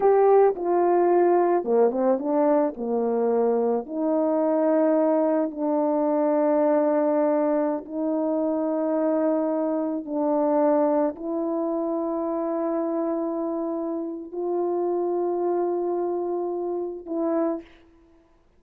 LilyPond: \new Staff \with { instrumentName = "horn" } { \time 4/4 \tempo 4 = 109 g'4 f'2 ais8 c'8 | d'4 ais2 dis'4~ | dis'2 d'2~ | d'2~ d'16 dis'4.~ dis'16~ |
dis'2~ dis'16 d'4.~ d'16~ | d'16 e'2.~ e'8.~ | e'2 f'2~ | f'2. e'4 | }